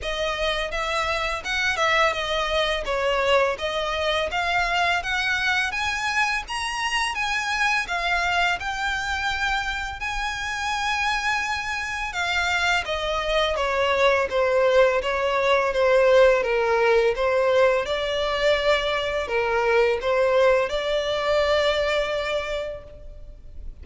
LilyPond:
\new Staff \with { instrumentName = "violin" } { \time 4/4 \tempo 4 = 84 dis''4 e''4 fis''8 e''8 dis''4 | cis''4 dis''4 f''4 fis''4 | gis''4 ais''4 gis''4 f''4 | g''2 gis''2~ |
gis''4 f''4 dis''4 cis''4 | c''4 cis''4 c''4 ais'4 | c''4 d''2 ais'4 | c''4 d''2. | }